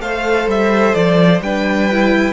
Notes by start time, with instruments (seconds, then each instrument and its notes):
0.00 cello A3, viola A4, violin C5 F5
0.47 cello G3, violin E5
0.94 cello F3, violin D5
1.40 cello G3, viola D4, violin B4 G5
1.92 viola E4